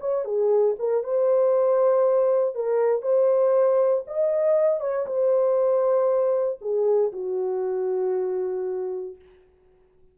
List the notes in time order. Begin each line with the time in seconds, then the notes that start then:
0.00 C#5
0.25 G#4
0.79 A#4
1.04 C5
2.55 A#4
3.02 C5
4.07 D#5
4.81 C#5
5.06 C5
6.61 G#4
7.12 F#4